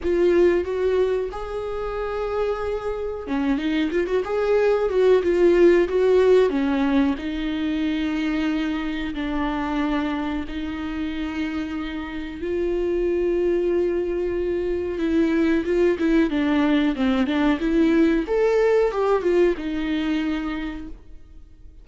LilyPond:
\new Staff \with { instrumentName = "viola" } { \time 4/4 \tempo 4 = 92 f'4 fis'4 gis'2~ | gis'4 cis'8 dis'8 f'16 fis'16 gis'4 fis'8 | f'4 fis'4 cis'4 dis'4~ | dis'2 d'2 |
dis'2. f'4~ | f'2. e'4 | f'8 e'8 d'4 c'8 d'8 e'4 | a'4 g'8 f'8 dis'2 | }